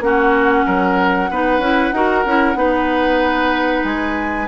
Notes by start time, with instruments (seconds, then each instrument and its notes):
0.00 bassoon A#3, clarinet C#4, oboe F#4, flute F#5
0.66 bassoon F#3, oboe A#4
1.30 bassoon B3, clarinet D#4, oboe B4
1.58 bassoon C#4, clarinet E4
1.92 bassoon D#4, clarinet F#4, oboe A#4
2.25 bassoon C#4, clarinet E4
2.55 bassoon B3, clarinet D#4, oboe B4
3.84 bassoon G#3, flute G#5